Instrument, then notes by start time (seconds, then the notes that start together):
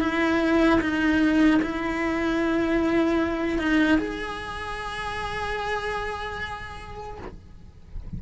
cello
0.00 E4
0.80 D#4
1.63 E4
3.59 D#4
3.98 G#4